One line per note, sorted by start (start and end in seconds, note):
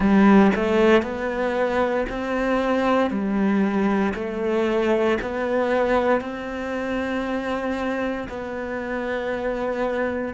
0.00 0.51 G3
0.55 1.02 A3
1.02 2.05 B3
2.09 3.10 C4
3.10 4.13 G3
4.14 5.17 A3
5.21 6.20 B3
6.20 8.27 C4
8.28 10.34 B3